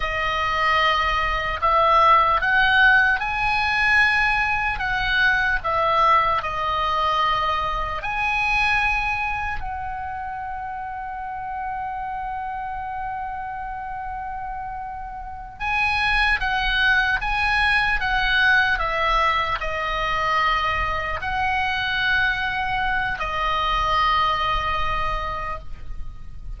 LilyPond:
\new Staff \with { instrumentName = "oboe" } { \time 4/4 \tempo 4 = 75 dis''2 e''4 fis''4 | gis''2 fis''4 e''4 | dis''2 gis''2 | fis''1~ |
fis''2.~ fis''8 gis''8~ | gis''8 fis''4 gis''4 fis''4 e''8~ | e''8 dis''2 fis''4.~ | fis''4 dis''2. | }